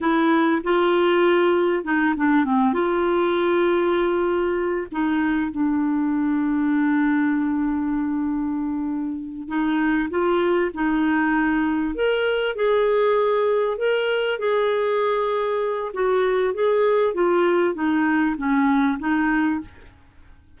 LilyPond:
\new Staff \with { instrumentName = "clarinet" } { \time 4/4 \tempo 4 = 98 e'4 f'2 dis'8 d'8 | c'8 f'2.~ f'8 | dis'4 d'2.~ | d'2.~ d'8 dis'8~ |
dis'8 f'4 dis'2 ais'8~ | ais'8 gis'2 ais'4 gis'8~ | gis'2 fis'4 gis'4 | f'4 dis'4 cis'4 dis'4 | }